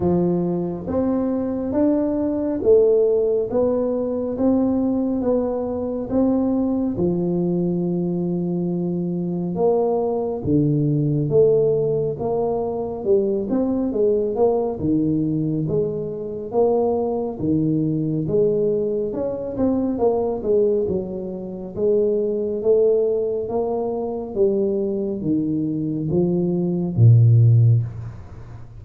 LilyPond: \new Staff \with { instrumentName = "tuba" } { \time 4/4 \tempo 4 = 69 f4 c'4 d'4 a4 | b4 c'4 b4 c'4 | f2. ais4 | d4 a4 ais4 g8 c'8 |
gis8 ais8 dis4 gis4 ais4 | dis4 gis4 cis'8 c'8 ais8 gis8 | fis4 gis4 a4 ais4 | g4 dis4 f4 ais,4 | }